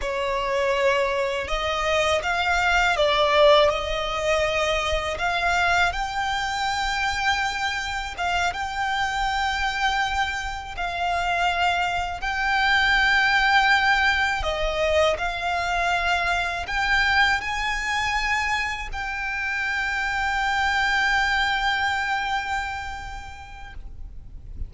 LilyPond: \new Staff \with { instrumentName = "violin" } { \time 4/4 \tempo 4 = 81 cis''2 dis''4 f''4 | d''4 dis''2 f''4 | g''2. f''8 g''8~ | g''2~ g''8 f''4.~ |
f''8 g''2. dis''8~ | dis''8 f''2 g''4 gis''8~ | gis''4. g''2~ g''8~ | g''1 | }